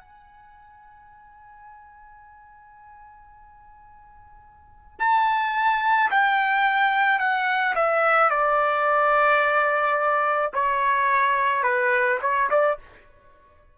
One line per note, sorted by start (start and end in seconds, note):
0.00 4.99 G#5
4.99 6.10 A5
6.11 7.19 G5
7.19 7.74 F#5
7.75 8.30 E5
8.30 10.52 D5
10.54 11.63 C#5
11.63 12.19 B4
12.22 12.49 C#5
12.50 12.78 D5